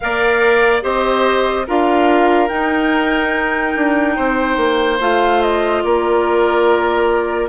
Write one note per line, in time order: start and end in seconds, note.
0.00 0.83 A#3
0.00 0.82 A#4
0.00 0.83 D5
0.00 0.81 F5
0.82 1.66 C4
0.82 1.65 G4
0.82 1.66 C5
0.82 1.66 D#5
1.67 2.49 D4
1.67 2.48 F4
1.67 4.16 A#4
1.67 2.48 F5
2.48 4.98 D#4
2.48 3.74 D#4
2.48 4.98 G5
3.76 4.17 D4
4.16 4.57 C4
4.16 5.82 C5
4.57 4.98 A#3
5.00 5.83 A3
5.00 7.48 F4
5.00 5.41 F5
5.41 5.82 D#5
5.82 7.48 A#3
5.82 7.48 A#4
5.82 7.48 D5